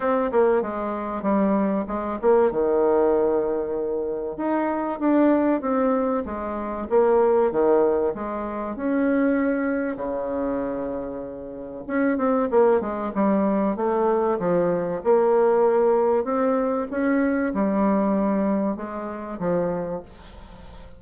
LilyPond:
\new Staff \with { instrumentName = "bassoon" } { \time 4/4 \tempo 4 = 96 c'8 ais8 gis4 g4 gis8 ais8 | dis2. dis'4 | d'4 c'4 gis4 ais4 | dis4 gis4 cis'2 |
cis2. cis'8 c'8 | ais8 gis8 g4 a4 f4 | ais2 c'4 cis'4 | g2 gis4 f4 | }